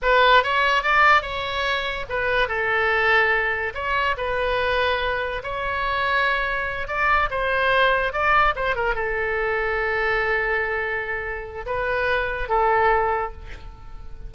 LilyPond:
\new Staff \with { instrumentName = "oboe" } { \time 4/4 \tempo 4 = 144 b'4 cis''4 d''4 cis''4~ | cis''4 b'4 a'2~ | a'4 cis''4 b'2~ | b'4 cis''2.~ |
cis''8 d''4 c''2 d''8~ | d''8 c''8 ais'8 a'2~ a'8~ | a'1 | b'2 a'2 | }